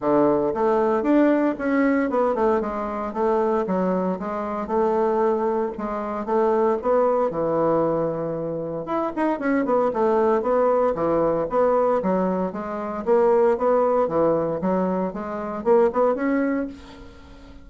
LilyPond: \new Staff \with { instrumentName = "bassoon" } { \time 4/4 \tempo 4 = 115 d4 a4 d'4 cis'4 | b8 a8 gis4 a4 fis4 | gis4 a2 gis4 | a4 b4 e2~ |
e4 e'8 dis'8 cis'8 b8 a4 | b4 e4 b4 fis4 | gis4 ais4 b4 e4 | fis4 gis4 ais8 b8 cis'4 | }